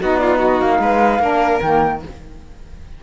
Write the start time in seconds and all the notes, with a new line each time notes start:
0.00 B3 D#4 F#4 D#5
0.16 F4 D5
0.38 F#4 D#5
0.61 A#3 F5
0.79 G#3 B4
1.19 A#3 D4 A#4
1.61 D#3 A#3 G5